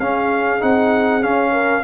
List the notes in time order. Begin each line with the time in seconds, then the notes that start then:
0.00 C#4 G#4 F5
0.60 C4 D#4 F#5
1.22 C#4 F5
1.52 A#4